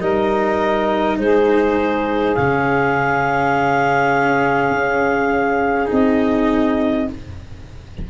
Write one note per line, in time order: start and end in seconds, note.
0.00 1.18 G3
0.00 2.36 D#4
0.00 1.18 A#4
0.00 1.18 D#5
1.18 2.36 G#3
1.18 7.09 G#4
1.18 2.35 C5
2.35 4.71 C#3
2.35 5.86 C#4
2.35 5.88 F5
4.71 5.88 C#4
5.86 7.09 C4
5.86 7.04 D#4
5.92 7.10 D#5